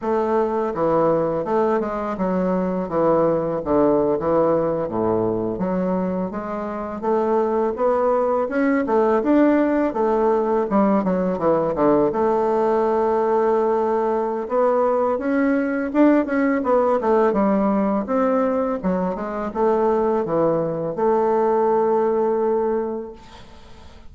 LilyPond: \new Staff \with { instrumentName = "bassoon" } { \time 4/4 \tempo 4 = 83 a4 e4 a8 gis8 fis4 | e4 d8. e4 a,4 fis16~ | fis8. gis4 a4 b4 cis'16~ | cis'16 a8 d'4 a4 g8 fis8 e16~ |
e16 d8 a2.~ a16 | b4 cis'4 d'8 cis'8 b8 a8 | g4 c'4 fis8 gis8 a4 | e4 a2. | }